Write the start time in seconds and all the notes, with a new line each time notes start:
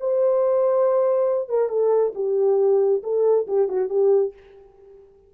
0.00 C5
1.49 A#4
1.69 A4
2.15 G4
3.03 A4
3.47 G4
3.68 F#4
3.89 G4